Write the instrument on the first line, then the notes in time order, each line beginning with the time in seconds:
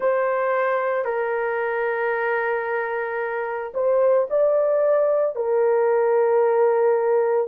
horn
0.00 C5
1.04 A#4
3.74 C5
4.30 D5
5.35 A#4